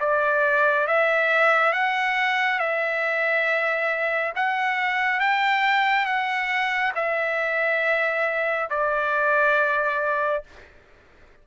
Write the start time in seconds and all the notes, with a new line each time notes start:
0.00 D5
0.87 E5
1.73 F#5
2.59 E5
4.36 F#5
5.20 G5
6.06 F#5
6.95 E5
8.70 D5